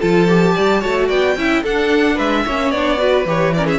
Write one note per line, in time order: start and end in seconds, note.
0.00 0.57 F3
0.00 0.28 F4
0.00 0.55 A4
0.00 1.09 A5
0.28 0.81 G4
0.55 0.84 G3
0.55 0.80 D5
0.80 1.10 A3
0.80 1.36 F#4
0.80 1.07 C#5
1.07 1.36 B3
1.07 1.35 D5
1.07 1.63 G5
1.36 1.63 C#4
1.36 1.65 E4
1.36 1.62 E5
1.62 2.18 D4
1.62 2.47 D4
1.62 2.15 A4
1.62 2.19 F#5
2.15 2.46 G#3
2.15 2.43 B4
2.15 2.71 E5
2.46 2.71 A#3
2.46 2.75 C#4
2.46 3.00 C#5
2.71 3.25 B3
2.71 2.98 D4
2.71 3.25 D5
2.98 3.25 F#4
2.98 3.55 B4
3.25 3.79 E3
3.25 3.54 G4
3.25 3.54 C#5
3.54 3.79 C#4
3.54 3.66 A#4
3.54 3.67 D5
3.66 3.79 G#4
3.66 3.79 E5